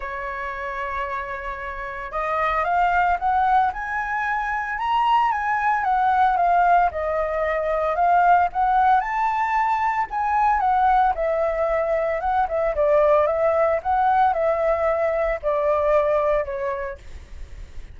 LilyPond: \new Staff \with { instrumentName = "flute" } { \time 4/4 \tempo 4 = 113 cis''1 | dis''4 f''4 fis''4 gis''4~ | gis''4 ais''4 gis''4 fis''4 | f''4 dis''2 f''4 |
fis''4 a''2 gis''4 | fis''4 e''2 fis''8 e''8 | d''4 e''4 fis''4 e''4~ | e''4 d''2 cis''4 | }